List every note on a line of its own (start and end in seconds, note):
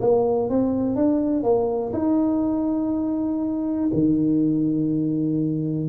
0.00 0.49 A#3
0.49 0.95 C4
0.95 1.43 D4
1.43 1.92 A#3
1.93 3.89 D#4
3.93 5.88 D#3